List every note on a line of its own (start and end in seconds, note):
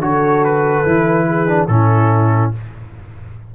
0.00 0.83 D3
0.00 0.85 F#4
0.00 1.27 A4
0.00 0.45 C#5
0.45 1.68 B4
0.85 1.69 E3
0.85 1.48 E4
1.27 1.69 G#4
1.48 1.69 D4
1.68 2.52 A2
1.68 2.54 C#4
1.68 2.55 E4
1.68 2.51 A4